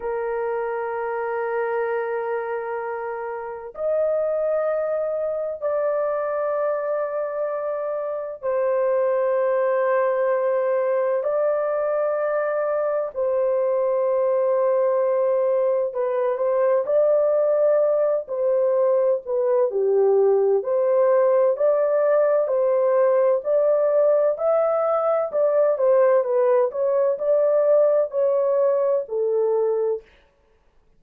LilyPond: \new Staff \with { instrumentName = "horn" } { \time 4/4 \tempo 4 = 64 ais'1 | dis''2 d''2~ | d''4 c''2. | d''2 c''2~ |
c''4 b'8 c''8 d''4. c''8~ | c''8 b'8 g'4 c''4 d''4 | c''4 d''4 e''4 d''8 c''8 | b'8 cis''8 d''4 cis''4 a'4 | }